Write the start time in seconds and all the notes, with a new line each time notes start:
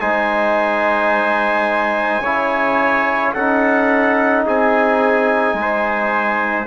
0.00 G#3 D#4 C5 G#5
2.21 C#3 E4 C#5
3.34 C#4 D#4 A4 F#5
4.46 C4 G#4 G#5
5.54 G#3
5.62 C5